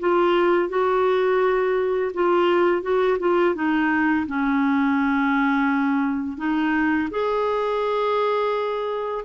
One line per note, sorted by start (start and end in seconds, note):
0.00 0.69 F4
0.69 2.12 F#4
2.14 2.82 F4
2.82 3.18 F#4
3.19 3.55 F4
3.55 4.26 D#4
4.27 6.37 C#4
6.37 7.09 D#4
7.10 9.25 G#4